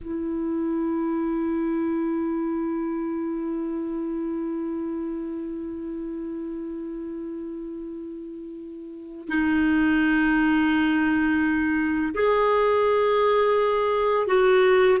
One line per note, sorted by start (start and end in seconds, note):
0.01 9.28 E4
9.28 12.14 D#4
12.14 14.27 G#4
14.27 14.98 F#4